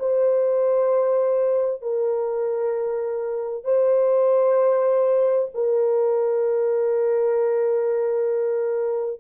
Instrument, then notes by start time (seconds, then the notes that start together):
horn
0.00 C5
1.82 A#4
3.65 C5
5.55 A#4